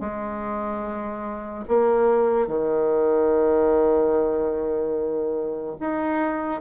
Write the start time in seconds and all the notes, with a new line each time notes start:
0.00 G#3
1.68 A#3
2.47 D#3
5.80 D#4